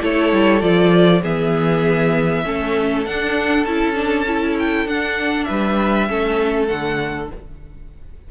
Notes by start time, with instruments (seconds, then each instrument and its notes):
0.00 cello A3, viola E4, violin A4 C#5
0.32 cello G3
0.60 cello F3, viola F4, violin D5
1.21 cello E3, viola B3, violin G#4 E5
2.44 cello A3, viola C#4, violin A4
3.05 viola D4, cello D4, violin F#5
3.65 cello C#4, viola E4, violin A5
3.95 viola D4
4.27 viola E4
4.59 violin G5
4.85 cello D4, viola D4, violin F#5
5.44 cello G3, violin B4 E5
6.08 cello A3, viola C#4, violin A4
6.67 cello D3, viola A3, violin F#5